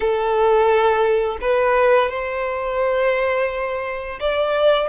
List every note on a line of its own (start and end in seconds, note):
0.00 1.38 A4
1.41 2.09 B4
2.09 4.19 C5
4.20 4.88 D5